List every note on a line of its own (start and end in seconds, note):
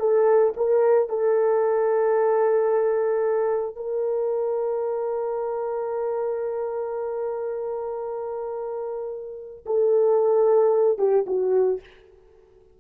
0.00 0.54 A4
0.57 1.09 A#4
1.09 3.76 A4
3.76 9.66 A#4
9.66 10.98 A4
10.98 11.25 G4
11.27 11.81 F#4